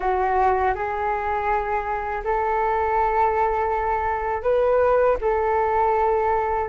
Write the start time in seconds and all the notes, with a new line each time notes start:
0.00 F#4
0.74 G#4
2.24 A4
4.42 B4
5.21 A4